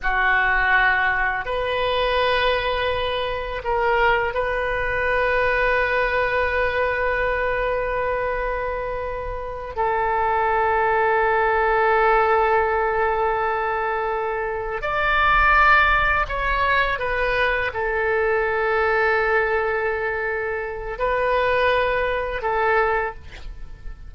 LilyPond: \new Staff \with { instrumentName = "oboe" } { \time 4/4 \tempo 4 = 83 fis'2 b'2~ | b'4 ais'4 b'2~ | b'1~ | b'4. a'2~ a'8~ |
a'1~ | a'8 d''2 cis''4 b'8~ | b'8 a'2.~ a'8~ | a'4 b'2 a'4 | }